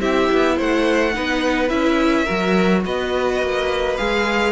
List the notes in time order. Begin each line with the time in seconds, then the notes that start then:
0.00 C4 E4 G4 E5
0.32 B3
0.56 A3 C5 F#5
1.14 B3 D#4 B4
1.69 C#4 E4 E5
2.24 F#3 F#4 A#4
2.85 B3 B4 D#5
3.42 A#3
3.97 G#3 G#4 F5